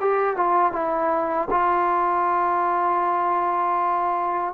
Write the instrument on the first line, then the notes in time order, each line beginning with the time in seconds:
trombone
0.00 G4
0.36 F4
0.72 E4
1.51 F4